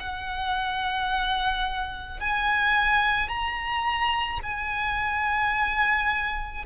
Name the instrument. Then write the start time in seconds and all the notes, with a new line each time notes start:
violin
0.00 F#5
2.21 G#5
3.29 A#5
4.43 G#5